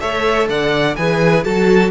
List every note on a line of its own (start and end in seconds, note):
0.00 0.49 A3
0.00 0.96 A4
0.00 0.48 C#5
0.00 0.48 E5
0.49 0.96 D3
0.49 0.97 D5
0.49 0.95 F#5
0.95 1.45 E3
0.95 1.44 G#4
0.95 1.45 B4
0.95 1.43 G#5
1.44 1.90 F#3
1.44 1.90 F#4
1.44 1.90 A4
1.44 1.90 A5